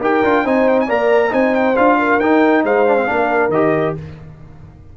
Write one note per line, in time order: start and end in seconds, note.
0.00 0.22 D#4
0.00 0.24 G4
0.00 0.44 A#4
0.00 0.47 G5
0.23 0.45 D4
0.23 0.45 F4
0.44 0.89 C4
0.44 0.88 D#4
0.44 0.86 C5
0.44 0.68 G#5
0.68 0.79 G5
0.80 0.90 G#5
0.86 1.33 A#3
0.86 1.30 A#4
0.86 1.30 D5
0.86 1.33 A#5
1.30 1.76 C4
1.30 1.74 D#4
1.30 1.98 C5
1.30 1.55 G#5
1.55 1.76 G5
1.76 2.20 D4
1.76 2.20 F4
1.76 2.19 F5
1.98 2.64 A#4
2.19 2.64 D#4
2.19 2.87 D#4
2.19 2.63 G5
2.64 3.07 G#3
2.64 3.07 C5
2.64 3.50 F5
2.87 2.97 D4
2.97 3.06 C4
3.06 3.48 A#3
3.06 3.50 D4
3.06 3.97 A#4
3.48 3.92 D#3
3.48 3.97 G4
3.48 3.94 D#5